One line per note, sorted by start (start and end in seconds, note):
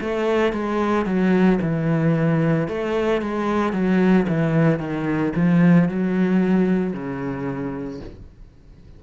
0.00 0.53 A3
0.53 1.05 G#3
1.05 1.59 F#3
1.61 2.67 E3
2.67 3.21 A3
3.21 3.73 G#3
3.73 4.26 F#3
4.28 4.79 E3
4.79 5.32 D#3
5.35 5.88 F3
5.88 6.93 F#3
6.93 8.00 C#3